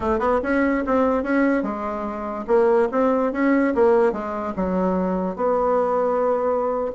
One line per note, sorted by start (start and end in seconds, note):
0.00 0.19 A3
0.19 0.39 B3
0.43 0.84 C#4
0.86 1.23 C4
1.23 1.62 C#4
1.62 2.45 G#3
2.47 2.88 A#3
2.91 3.32 C4
3.32 3.74 C#4
3.74 4.12 A#3
4.12 4.53 G#3
4.55 5.36 F#3
5.36 6.91 B3